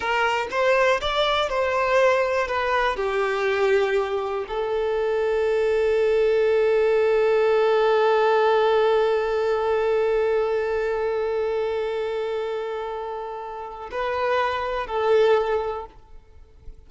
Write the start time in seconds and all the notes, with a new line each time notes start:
0.00 A#4
0.50 C5
1.00 D5
1.49 C5
2.47 B4
2.96 G4
4.48 A4
13.91 B4
14.86 A4